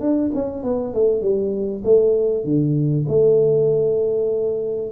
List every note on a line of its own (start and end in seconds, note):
0.00 0.31 D4
0.34 0.63 C#4
0.63 0.93 B3
0.93 1.21 A3
1.21 1.82 G3
1.84 2.44 A3
2.44 3.05 D3
3.08 4.91 A3